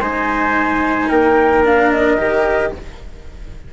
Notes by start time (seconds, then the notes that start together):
0.00 G#3 D#4 C5 G#5
1.09 A#3 A#4 G5
1.64 D4 F5
1.91 D#5
2.17 D#3 G4